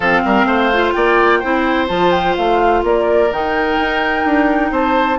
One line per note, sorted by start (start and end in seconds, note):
0.00 0.23 F3
0.00 0.73 C4
0.00 0.20 A4
0.00 0.92 F5
0.24 0.44 G3
0.24 0.46 A#4
0.44 0.92 A3
0.44 0.93 C5
0.73 1.43 F4
0.92 1.43 A#3
0.92 1.39 D5
0.92 1.86 G5
1.39 1.89 C4
1.39 1.87 E4
1.39 2.81 C5
1.87 2.36 F3
1.87 3.29 F4
1.87 2.11 A5
2.11 2.34 G5
2.36 2.83 A3
2.36 2.83 F5
2.83 3.30 A#3
2.83 4.71 A#4
2.83 3.32 D5
3.31 3.77 D#3
3.31 5.19 D#4
3.31 4.73 G5
3.77 4.25 D#4
4.25 4.71 D4
4.71 5.18 C4
4.71 5.19 C5
4.71 5.19 A5